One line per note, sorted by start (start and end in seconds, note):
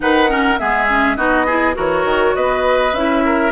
0.00 0.60 D#3
0.00 0.27 D#4
0.00 0.29 B4
0.00 0.57 F#5
0.28 0.57 C#4
0.28 0.59 A#4
0.57 1.17 G#3
0.57 0.87 B3
0.57 1.17 G#4
0.57 1.16 E5
0.88 1.16 C#4
1.16 1.75 B3
1.16 1.46 D#4
1.16 1.45 F#4
1.16 1.75 D#5
1.45 1.73 E4
1.45 1.75 G#4
1.73 2.04 E3
1.73 2.91 F#4
1.73 2.35 A#4
1.73 2.35 C#5
2.04 2.34 D#3
2.35 2.93 B3
2.35 3.24 B4
2.35 2.94 D#5
2.93 3.52 C#4
2.93 3.52 E4
2.93 3.52 E5
3.25 3.52 A#4